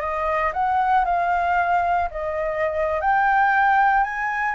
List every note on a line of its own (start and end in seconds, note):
0.00 0.52 D#5
0.53 1.05 F#5
1.05 2.09 F5
2.11 3.00 D#5
3.00 4.03 G5
4.03 4.55 G#5